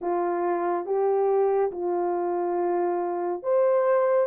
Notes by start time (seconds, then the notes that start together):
0.01 F4
0.85 G4
1.71 F4
3.42 C5